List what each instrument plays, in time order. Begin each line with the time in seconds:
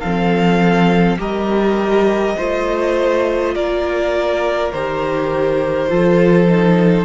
0.00 cello F3, viola C4, violin A4 F5
1.18 cello G3, viola G4, violin A#4 D#5
2.37 cello A3, viola F4, violin C5
3.56 cello A#3, violin A#4 D5
4.73 cello D#3, viola G4, violin C5
5.89 cello F3, viola F4, violin A4
6.49 viola D#4